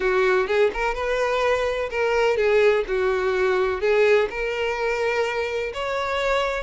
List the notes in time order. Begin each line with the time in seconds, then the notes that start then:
0.00 F#4
0.47 G#4
0.73 A#4
0.94 B4
1.90 A#4
2.37 G#4
2.87 F#4
3.81 G#4
4.30 A#4
5.73 C#5